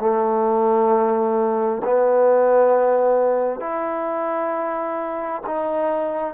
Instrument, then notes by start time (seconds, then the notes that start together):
trombone
0.00 A3
1.84 B3
3.60 E4
5.46 D#4